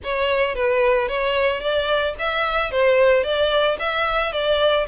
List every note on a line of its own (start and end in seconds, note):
0.03 0.55 C#5
0.55 1.08 B4
1.08 1.60 C#5
1.60 2.14 D5
2.18 2.71 E5
2.71 3.23 C5
3.23 3.77 D5
3.79 4.32 E5
4.32 4.86 D5